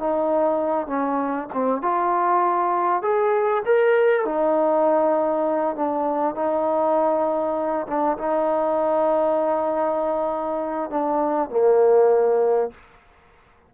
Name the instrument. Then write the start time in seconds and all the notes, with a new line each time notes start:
trombone
0.00 D#4
0.88 C#4
1.54 C4
1.82 F4
3.03 G#4
3.66 A#4
4.26 D#4
5.76 D4
6.36 D#4
7.88 D4
8.18 D#4
10.91 D4
11.50 A#3